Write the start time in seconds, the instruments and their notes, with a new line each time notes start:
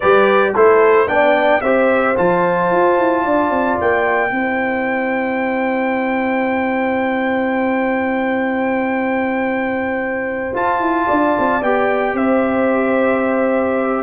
0.00 tuba G3, trombone G4, horn B4, trumpet D5
0.53 tuba A3, trombone E4, horn A4, trumpet C5
1.07 tuba B3, trombone D4, trumpet G5
1.13 horn D5
1.61 tuba C4, trombone G4, horn C5, trumpet E5
2.16 tuba F3, trombone F4, trumpet A5
2.71 tuba F4
2.99 tuba E4
3.23 tuba D4, horn D5
3.50 tuba C4
3.80 tuba A#3, trumpet G5
4.30 tuba C4, trombone E4, horn C5
10.53 trombone F4, tuba F4, trumpet A5
10.80 tuba E4
11.06 tuba D4, horn D5
11.38 tuba C4
11.61 tuba B3, trombone G4, trumpet G5
12.13 tuba C4, horn C5, trumpet E5